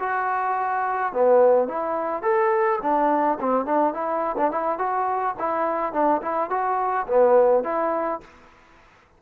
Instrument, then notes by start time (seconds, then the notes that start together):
trombone
0.00 F#4
1.13 B3
1.68 E4
2.23 A4
2.82 D4
3.40 C4
3.66 D4
3.94 E4
4.37 D4
4.52 E4
4.79 F#4
5.40 E4
5.93 D4
6.22 E4
6.50 F#4
7.08 B3
7.64 E4